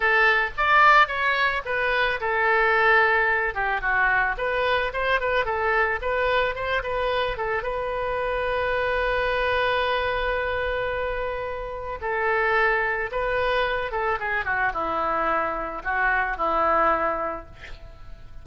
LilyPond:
\new Staff \with { instrumentName = "oboe" } { \time 4/4 \tempo 4 = 110 a'4 d''4 cis''4 b'4 | a'2~ a'8 g'8 fis'4 | b'4 c''8 b'8 a'4 b'4 | c''8 b'4 a'8 b'2~ |
b'1~ | b'2 a'2 | b'4. a'8 gis'8 fis'8 e'4~ | e'4 fis'4 e'2 | }